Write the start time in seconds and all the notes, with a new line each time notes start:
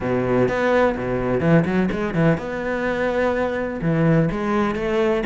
0.00 B2
0.48 B3
0.97 B2
1.40 E3
1.65 F#3
1.91 G#3
2.14 E3
2.37 B3
3.81 E3
4.31 G#3
4.75 A3